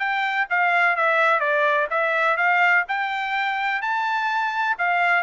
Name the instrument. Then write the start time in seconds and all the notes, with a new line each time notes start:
trumpet
0.00 G5
0.50 F5
0.97 E5
1.40 D5
1.91 E5
2.37 F5
2.89 G5
3.82 A5
4.79 F5